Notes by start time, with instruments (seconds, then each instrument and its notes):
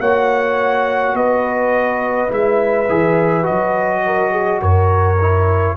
0.00 tuba A#3, trombone F#4, horn C#5, trumpet F#5
1.13 tuba B3, horn B4, trumpet D#5
2.28 tuba G#3, trombone E4, trumpet E5
2.89 tuba E3, trombone G#4
3.43 trombone F#4, trumpet D#5
3.50 tuba F#3
4.06 horn A#4
4.32 horn G#4
4.62 tuba F#2, horn A#4, trumpet C#5
5.21 trombone E4